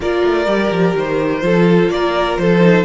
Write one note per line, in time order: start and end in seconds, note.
0.00 0.21 A#3
0.00 0.47 F4
0.00 1.43 A#4
0.00 0.96 D5
0.24 0.46 A3
0.46 0.70 G3
0.46 1.41 G4
0.70 0.94 F3
0.95 1.42 D#3
0.95 1.89 C5
1.41 1.89 F3
1.41 2.60 F4
1.41 1.92 A4
1.89 2.37 A#3
1.89 2.41 A#4
1.89 2.37 D5
2.38 2.84 F3
2.38 2.84 A4
2.38 2.84 C5
2.60 2.84 D#4